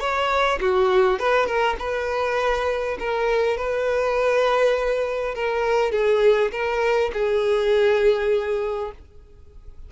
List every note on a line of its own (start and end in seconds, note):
0.00 0.59 C#5
0.60 1.19 F#4
1.19 1.46 B4
1.46 1.76 A#4
1.78 2.97 B4
2.99 3.57 A#4
3.57 5.35 B4
5.35 5.92 A#4
5.92 6.51 G#4
6.52 7.11 A#4
7.13 8.91 G#4